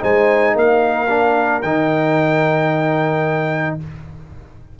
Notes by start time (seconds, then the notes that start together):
0.00 G#3 D#4 C5 G#5
0.54 A#3 A#4 F5
1.09 D4
1.62 D#3 D#4 G5